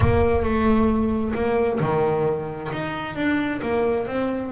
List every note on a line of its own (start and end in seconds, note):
0.00 0.43 A#3
0.43 1.33 A3
1.34 1.79 A#3
1.80 2.70 D#3
2.72 3.15 D#4
3.15 3.60 D4
3.62 4.07 A#3
4.07 4.51 C4